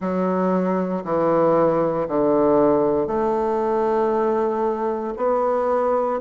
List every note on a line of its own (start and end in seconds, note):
0.00 1.03 F#3
1.04 2.07 E3
2.07 3.07 D3
3.07 5.14 A3
5.17 6.20 B3